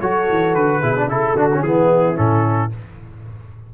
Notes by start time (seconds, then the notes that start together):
0.00 F#3 F#4 A4 C#5
0.30 E3
0.55 D3 B4
0.81 B2 E4 G#4
0.97 D4
1.07 C#3 E4 A4
1.35 D3 D4 F#4
1.54 C#4
1.62 E3 B3 E4 G#4
2.16 A2 C#4 A4